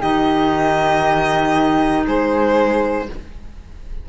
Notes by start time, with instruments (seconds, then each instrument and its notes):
0.00 cello D#3, clarinet D#4, flute G4, violin D#5
2.06 cello G#3, flute G#4, violin C5